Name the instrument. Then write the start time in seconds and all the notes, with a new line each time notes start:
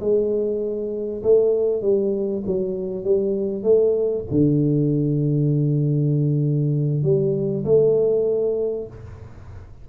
tuba
0.00 G#3
1.23 A3
1.82 G3
2.46 F#3
3.04 G3
3.63 A3
4.31 D3
7.03 G3
7.64 A3